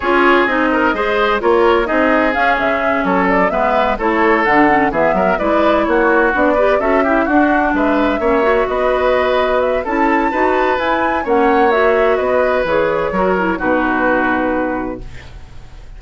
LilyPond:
<<
  \new Staff \with { instrumentName = "flute" } { \time 4/4 \tempo 4 = 128 cis''4 dis''2 cis''4 | dis''4 f''8 e''4 cis''8 d''8 e''8~ | e''8 cis''4 fis''4 e''4 d''8~ | d''8 cis''4 d''4 e''4 fis''8~ |
fis''8 e''2 dis''4.~ | dis''8 e''8 a''2 gis''4 | fis''4 e''4 dis''4 cis''4~ | cis''4 b'2. | }
  \new Staff \with { instrumentName = "oboe" } { \time 4/4 gis'4. ais'8 c''4 ais'4 | gis'2~ gis'8 a'4 b'8~ | b'8 a'2 gis'8 ais'8 b'8~ | b'8 fis'4. b'8 a'8 g'8 fis'8~ |
fis'8 b'4 cis''4 b'4.~ | b'4 a'4 b'2 | cis''2 b'2 | ais'4 fis'2. | }
  \new Staff \with { instrumentName = "clarinet" } { \time 4/4 f'4 dis'4 gis'4 f'4 | dis'4 cis'2~ cis'8 b8~ | b8 e'4 d'8 cis'8 b4 e'8~ | e'4. d'8 g'8 fis'8 e'8 d'8~ |
d'4. cis'8 fis'2~ | fis'4 e'4 fis'4 e'4 | cis'4 fis'2 gis'4 | fis'8 e'8 dis'2. | }
  \new Staff \with { instrumentName = "bassoon" } { \time 4/4 cis'4 c'4 gis4 ais4 | c'4 cis'8 cis4 fis4 gis8~ | gis8 a4 d4 e8 fis8 gis8~ | gis8 ais4 b4 cis'4 d'8~ |
d'8 gis4 ais4 b4.~ | b4 cis'4 dis'4 e'4 | ais2 b4 e4 | fis4 b,2. | }
>>